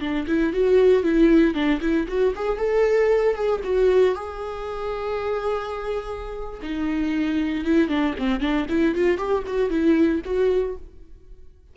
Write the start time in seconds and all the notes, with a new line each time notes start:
0.00 D4
0.27 E4
0.53 F#4
1.03 E4
1.54 D4
1.81 E4
2.08 F#4
2.35 G#4
2.57 A4
3.35 G#4
3.64 F#4
4.15 G#4
6.62 D#4
7.65 E4
7.88 D4
8.18 C4
8.40 D4
8.69 E4
8.95 F4
9.18 G4
9.47 F#4
9.70 E4
10.24 F#4